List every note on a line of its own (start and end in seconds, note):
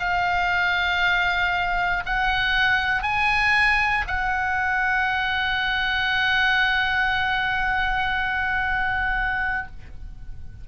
0.00 2.03 F5
2.06 3.03 F#5
3.03 4.04 G#5
4.07 9.67 F#5